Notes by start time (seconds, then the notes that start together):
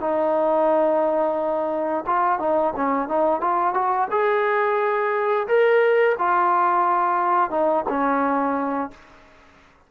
0.00 D#4
2.06 F4
2.39 D#4
2.76 C#4
3.08 D#4
3.41 F4
3.74 F#4
4.11 G#4
5.47 A#4
6.18 F4
7.50 D#4
7.88 C#4